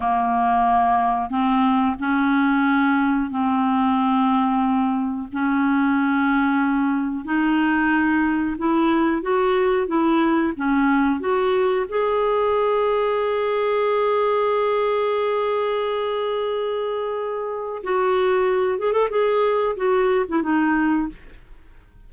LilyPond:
\new Staff \with { instrumentName = "clarinet" } { \time 4/4 \tempo 4 = 91 ais2 c'4 cis'4~ | cis'4 c'2. | cis'2. dis'4~ | dis'4 e'4 fis'4 e'4 |
cis'4 fis'4 gis'2~ | gis'1~ | gis'2. fis'4~ | fis'8 gis'16 a'16 gis'4 fis'8. e'16 dis'4 | }